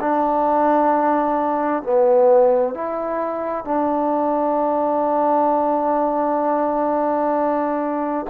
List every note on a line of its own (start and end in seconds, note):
0.00 1.83 D4
1.83 2.74 B3
2.74 3.65 E4
3.65 8.26 D4